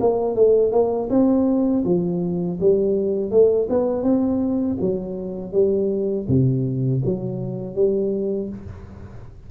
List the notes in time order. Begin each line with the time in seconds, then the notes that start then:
0.00 A#3
0.35 A3
0.72 A#3
1.10 C4
1.85 F3
2.60 G3
3.31 A3
3.69 B3
4.03 C4
4.80 F#3
5.53 G3
6.28 C3
7.05 F#3
7.75 G3